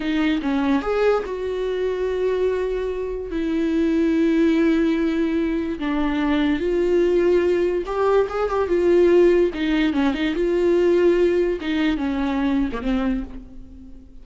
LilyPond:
\new Staff \with { instrumentName = "viola" } { \time 4/4 \tempo 4 = 145 dis'4 cis'4 gis'4 fis'4~ | fis'1 | e'1~ | e'2 d'2 |
f'2. g'4 | gis'8 g'8 f'2 dis'4 | cis'8 dis'8 f'2. | dis'4 cis'4.~ cis'16 ais16 c'4 | }